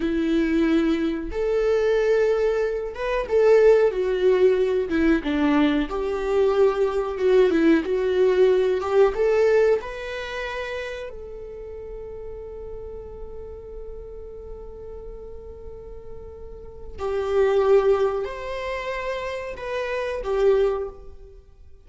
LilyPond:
\new Staff \with { instrumentName = "viola" } { \time 4/4 \tempo 4 = 92 e'2 a'2~ | a'8 b'8 a'4 fis'4. e'8 | d'4 g'2 fis'8 e'8 | fis'4. g'8 a'4 b'4~ |
b'4 a'2.~ | a'1~ | a'2 g'2 | c''2 b'4 g'4 | }